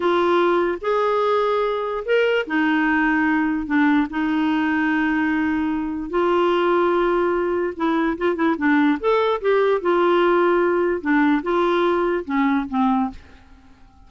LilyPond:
\new Staff \with { instrumentName = "clarinet" } { \time 4/4 \tempo 4 = 147 f'2 gis'2~ | gis'4 ais'4 dis'2~ | dis'4 d'4 dis'2~ | dis'2. f'4~ |
f'2. e'4 | f'8 e'8 d'4 a'4 g'4 | f'2. d'4 | f'2 cis'4 c'4 | }